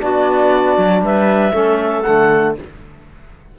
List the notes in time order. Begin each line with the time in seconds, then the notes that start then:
0.00 B3 D4 F#4 D5
0.78 F#3
1.01 G3 B4 E5
1.53 A3 C#4 A4
2.03 D3 A3 F#5